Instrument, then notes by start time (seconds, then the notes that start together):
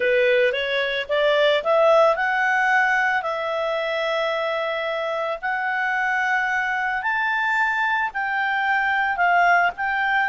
clarinet
0.00 B4
0.52 C#5
1.09 D5
1.63 E5
2.15 F#5
3.22 E5
5.41 F#5
7.02 A5
8.13 G5
9.16 F5
9.76 G5